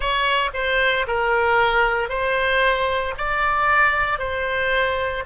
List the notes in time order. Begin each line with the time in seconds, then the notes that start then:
0.00 C#5
0.53 C5
1.07 A#4
2.09 C5
3.17 D5
4.18 C5